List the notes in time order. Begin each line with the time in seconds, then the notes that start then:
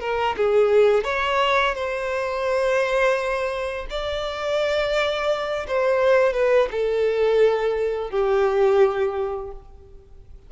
0.00 A#4
0.36 G#4
1.04 C#5
1.75 C5
3.90 D5
5.67 C5
6.33 B4
6.71 A4
8.10 G4